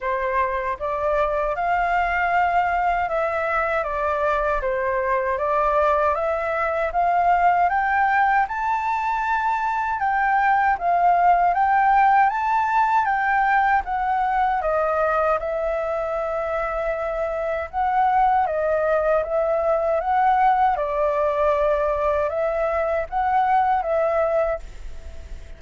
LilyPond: \new Staff \with { instrumentName = "flute" } { \time 4/4 \tempo 4 = 78 c''4 d''4 f''2 | e''4 d''4 c''4 d''4 | e''4 f''4 g''4 a''4~ | a''4 g''4 f''4 g''4 |
a''4 g''4 fis''4 dis''4 | e''2. fis''4 | dis''4 e''4 fis''4 d''4~ | d''4 e''4 fis''4 e''4 | }